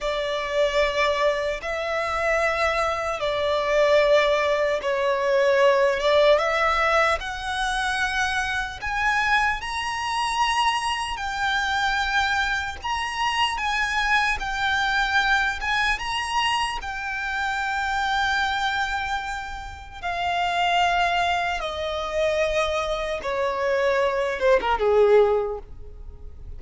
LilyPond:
\new Staff \with { instrumentName = "violin" } { \time 4/4 \tempo 4 = 75 d''2 e''2 | d''2 cis''4. d''8 | e''4 fis''2 gis''4 | ais''2 g''2 |
ais''4 gis''4 g''4. gis''8 | ais''4 g''2.~ | g''4 f''2 dis''4~ | dis''4 cis''4. c''16 ais'16 gis'4 | }